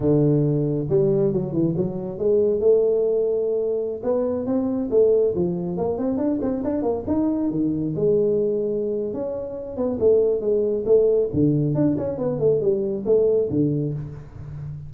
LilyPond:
\new Staff \with { instrumentName = "tuba" } { \time 4/4 \tempo 4 = 138 d2 g4 fis8 e8 | fis4 gis4 a2~ | a4~ a16 b4 c'4 a8.~ | a16 f4 ais8 c'8 d'8 c'8 d'8 ais16~ |
ais16 dis'4 dis4 gis4.~ gis16~ | gis4 cis'4. b8 a4 | gis4 a4 d4 d'8 cis'8 | b8 a8 g4 a4 d4 | }